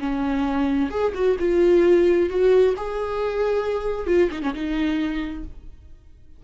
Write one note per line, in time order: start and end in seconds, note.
0.00 0.90 C#4
0.91 1.13 G#4
1.15 1.37 F#4
1.40 2.30 F4
2.30 2.75 F#4
2.77 4.07 G#4
4.07 4.30 F4
4.31 4.43 D#4
4.43 4.54 C#4
4.54 5.45 D#4